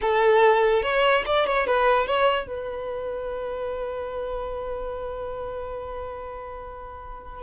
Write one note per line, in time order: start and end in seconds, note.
0.01 0.82 A4
0.82 1.24 C#5
1.26 1.46 D5
1.46 1.66 C#5
1.66 2.07 B4
2.07 2.47 C#5
2.47 7.42 B4